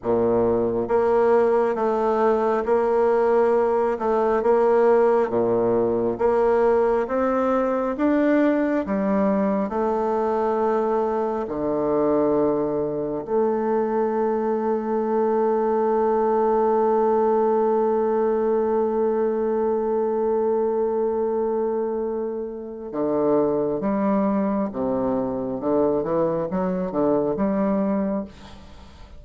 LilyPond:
\new Staff \with { instrumentName = "bassoon" } { \time 4/4 \tempo 4 = 68 ais,4 ais4 a4 ais4~ | ais8 a8 ais4 ais,4 ais4 | c'4 d'4 g4 a4~ | a4 d2 a4~ |
a1~ | a1~ | a2 d4 g4 | c4 d8 e8 fis8 d8 g4 | }